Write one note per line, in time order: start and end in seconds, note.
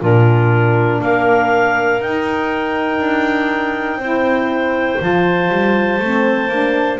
0.00 1.01 A#2
0.00 2.00 D4
0.00 1.01 F4
0.00 1.02 A#4
1.01 2.00 A#3
1.01 4.01 A#4
1.01 2.02 F5
2.00 2.99 D#4
2.00 4.02 D#4
2.00 5.02 G5
2.99 3.96 D4
3.96 4.96 C4
3.96 4.99 E4
3.96 7.00 C5
4.99 5.50 F3
4.99 5.99 F4
4.99 7.00 A5
5.50 6.00 G3
6.00 6.49 A3
6.00 6.51 C4
6.49 6.99 A#3
6.49 7.00 D4